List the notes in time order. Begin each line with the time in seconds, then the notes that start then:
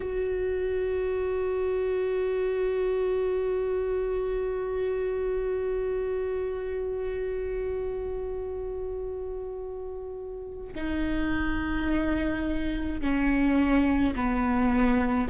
0.00 F#4
10.75 D#4
13.01 C#4
14.15 B3